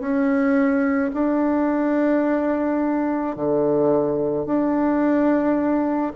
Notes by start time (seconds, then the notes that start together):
0.00 C#4
1.14 D4
3.36 D3
4.46 D4